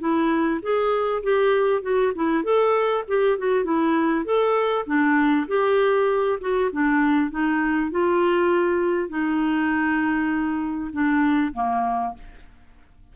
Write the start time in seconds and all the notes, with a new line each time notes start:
0.00 E4
0.63 G#4
1.23 G4
1.83 F#4
2.15 E4
2.44 A4
3.08 G4
3.39 F#4
3.65 E4
4.25 A4
4.86 D4
5.48 G4
6.41 F#4
6.73 D4
7.31 D#4
7.91 F4
9.09 D#4
10.93 D4
11.54 A#3